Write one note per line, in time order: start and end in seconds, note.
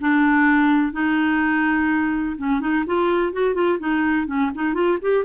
0.00 0.92 D4
0.92 2.36 D#4
2.38 2.61 C#4
2.61 2.85 D#4
2.86 3.33 F4
3.33 3.54 F#4
3.54 3.78 F4
3.79 4.27 D#4
4.27 4.51 C#4
4.55 4.74 D#4
4.74 4.98 F4
5.02 5.24 G4